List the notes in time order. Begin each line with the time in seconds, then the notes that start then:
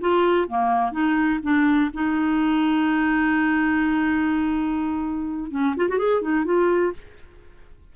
0.00 F4
0.47 A#3
0.91 D#4
1.42 D4
1.93 D#4
5.50 C#4
5.76 F4
5.88 F#4
5.98 G#4
6.21 D#4
6.44 F4